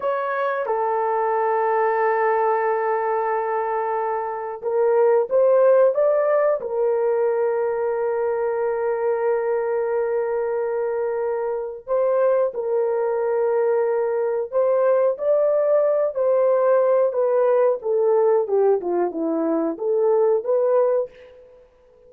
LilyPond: \new Staff \with { instrumentName = "horn" } { \time 4/4 \tempo 4 = 91 cis''4 a'2.~ | a'2. ais'4 | c''4 d''4 ais'2~ | ais'1~ |
ais'2 c''4 ais'4~ | ais'2 c''4 d''4~ | d''8 c''4. b'4 a'4 | g'8 f'8 e'4 a'4 b'4 | }